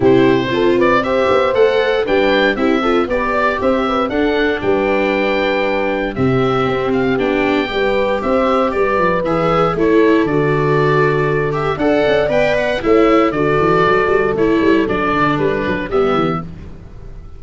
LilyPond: <<
  \new Staff \with { instrumentName = "oboe" } { \time 4/4 \tempo 4 = 117 c''4. d''8 e''4 fis''4 | g''4 e''4 d''4 e''4 | fis''4 g''2. | e''4. f''8 g''2 |
e''4 d''4 e''4 cis''4 | d''2~ d''8 e''8 fis''4 | g''8 fis''8 e''4 d''2 | cis''4 d''4 b'4 e''4 | }
  \new Staff \with { instrumentName = "horn" } { \time 4/4 g'4 a'8 b'8 c''2 | b'4 g'8 a'8 b'8 d''8 c''8 b'8 | a'4 b'2. | g'2. b'4 |
c''4 b'2 a'4~ | a'2. d''4~ | d''4 cis''4 a'2~ | a'2. g'4 | }
  \new Staff \with { instrumentName = "viola" } { \time 4/4 e'4 f'4 g'4 a'4 | d'4 e'8 f'8 g'2 | d'1 | c'2 d'4 g'4~ |
g'2 gis'4 e'4 | fis'2~ fis'8 g'8 a'4 | b'4 e'4 fis'2 | e'4 d'2 b4 | }
  \new Staff \with { instrumentName = "tuba" } { \time 4/4 c4 c'4. b8 a4 | g4 c'4 b4 c'4 | d'4 g2. | c4 c'4 b4 g4 |
c'4 g8 f8 e4 a4 | d2. d'8 cis'8 | b4 a4 d8 e8 fis8 g8 | a8 g8 fis8 d8 g8 fis8 g8 e8 | }
>>